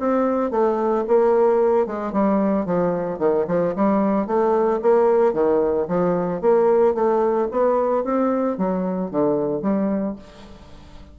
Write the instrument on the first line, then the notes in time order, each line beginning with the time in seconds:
bassoon
0.00 C4
0.51 A3
1.08 A#3
1.87 G#3
2.13 G3
2.66 F3
3.19 D#3
3.48 F3
3.76 G3
4.27 A3
4.83 A#3
5.34 D#3
5.88 F3
6.42 A#3
6.95 A3
7.51 B3
8.05 C4
8.58 F#3
9.11 D3
9.62 G3